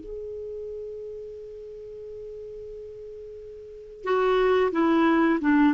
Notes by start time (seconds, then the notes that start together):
0.00 G#4
4.04 F#4
4.72 E4
5.41 D4